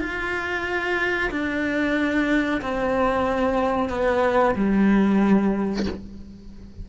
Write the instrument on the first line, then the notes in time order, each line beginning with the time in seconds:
cello
0.00 F4
1.31 D4
2.61 C4
3.89 B3
4.55 G3